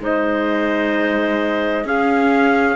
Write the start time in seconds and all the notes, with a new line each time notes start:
0.00 G#3 D#4 C5 D#5
1.85 C#4 G#4 F5